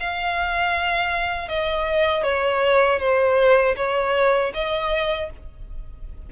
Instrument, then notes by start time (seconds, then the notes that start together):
violin
0.00 F5
1.48 D#5
2.23 C#5
2.99 C5
3.76 C#5
4.54 D#5